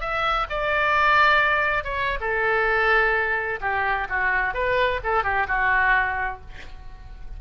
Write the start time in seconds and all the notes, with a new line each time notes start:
0.00 E5
0.49 D5
1.84 C#5
2.20 A4
3.60 G4
4.09 F#4
4.53 B4
5.03 A4
5.23 G4
5.47 F#4